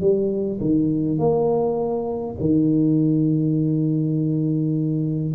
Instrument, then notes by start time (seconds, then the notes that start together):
tuba
0.00 G3
0.60 D#3
1.18 A#3
2.40 D#3